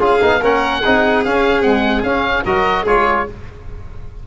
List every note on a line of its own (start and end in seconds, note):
0.00 0.20 C#4
0.00 0.20 F4
0.00 0.41 G#4
0.00 0.45 F5
0.21 0.41 B3
0.21 0.41 D#4
0.41 0.82 A#3
0.41 0.83 C#4
0.41 0.81 A#4
0.41 1.25 F#5
0.81 1.25 C4
0.81 1.26 D#4
0.81 2.43 G#4
1.25 1.62 C#4
1.25 1.65 C#4
1.25 1.62 F5
1.62 2.06 G#3
1.62 2.03 C4
1.62 2.03 F#5
2.03 2.44 C#4
2.03 2.46 C#4
2.03 2.44 F5
2.45 2.85 F#3
2.45 2.87 F#4
2.45 2.83 A#4
2.45 2.86 D#5
2.83 3.26 G#3
2.83 3.28 F4
2.83 3.24 G#4
2.83 3.27 C#5